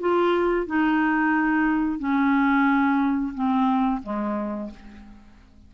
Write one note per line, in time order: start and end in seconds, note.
0.00 0.66 F4
0.66 1.99 D#4
1.99 3.33 C#4
3.34 4.02 C4
4.03 4.70 G#3